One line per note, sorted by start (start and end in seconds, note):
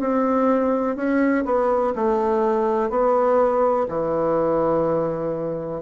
0.00 0.96 C4
0.96 1.45 C#4
1.46 1.94 B3
1.96 2.90 A3
2.90 3.87 B3
3.89 5.82 E3